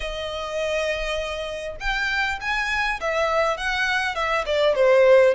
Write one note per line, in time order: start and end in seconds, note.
0.00 1.76 D#5
1.80 2.39 G5
2.40 3.00 G#5
3.00 3.57 E5
3.57 4.14 F#5
4.14 4.44 E5
4.45 4.75 D5
4.75 5.34 C5